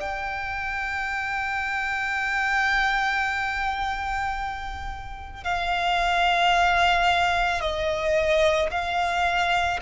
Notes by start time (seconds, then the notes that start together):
0.00 G5
5.43 F5
7.61 D#5
8.70 F5